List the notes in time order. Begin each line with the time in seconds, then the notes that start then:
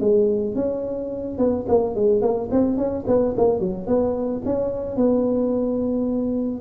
0.00 G#3
0.55 C#4
1.38 B3
1.68 A#3
1.95 G#3
2.22 A#3
2.51 C4
2.77 C#4
3.07 B3
3.37 A#3
3.60 F#3
3.87 B3
4.45 C#4
4.97 B3